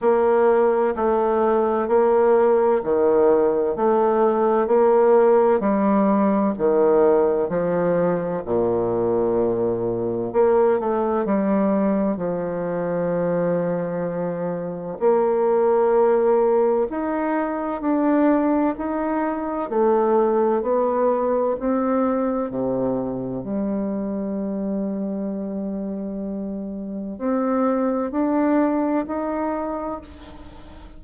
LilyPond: \new Staff \with { instrumentName = "bassoon" } { \time 4/4 \tempo 4 = 64 ais4 a4 ais4 dis4 | a4 ais4 g4 dis4 | f4 ais,2 ais8 a8 | g4 f2. |
ais2 dis'4 d'4 | dis'4 a4 b4 c'4 | c4 g2.~ | g4 c'4 d'4 dis'4 | }